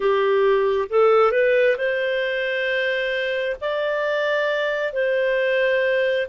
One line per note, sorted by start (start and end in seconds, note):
0.00 0.88 G4
0.89 1.31 A4
1.31 1.76 B4
1.77 3.56 C5
3.60 4.93 D5
4.93 6.27 C5